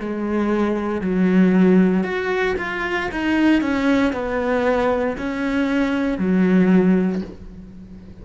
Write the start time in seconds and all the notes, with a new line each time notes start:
0.00 G#3
1.02 F#3
2.04 F#4
2.59 F4
3.12 D#4
3.62 C#4
4.13 B3
5.18 C#4
6.18 F#3